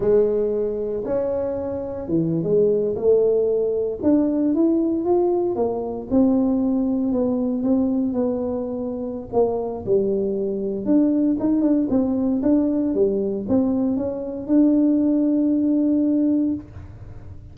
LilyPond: \new Staff \with { instrumentName = "tuba" } { \time 4/4 \tempo 4 = 116 gis2 cis'2 | e8. gis4 a2 d'16~ | d'8. e'4 f'4 ais4 c'16~ | c'4.~ c'16 b4 c'4 b16~ |
b2 ais4 g4~ | g4 d'4 dis'8 d'8 c'4 | d'4 g4 c'4 cis'4 | d'1 | }